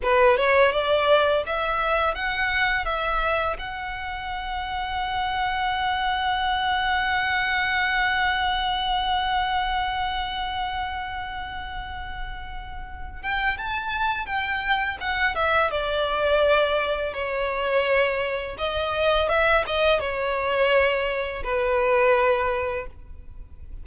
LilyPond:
\new Staff \with { instrumentName = "violin" } { \time 4/4 \tempo 4 = 84 b'8 cis''8 d''4 e''4 fis''4 | e''4 fis''2.~ | fis''1~ | fis''1~ |
fis''2~ fis''8 g''8 a''4 | g''4 fis''8 e''8 d''2 | cis''2 dis''4 e''8 dis''8 | cis''2 b'2 | }